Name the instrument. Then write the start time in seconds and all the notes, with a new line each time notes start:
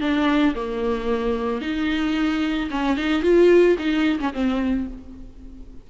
viola
0.00 D4
0.55 A#3
1.61 D#4
2.70 C#4
2.96 D#4
3.22 F4
3.78 D#4
4.19 C#4
4.33 C4